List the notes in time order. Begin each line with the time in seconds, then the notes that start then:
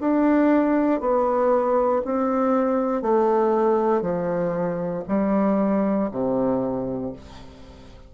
0.00 D4
1.00 B3
2.04 C4
3.02 A3
4.01 F3
5.08 G3
6.11 C3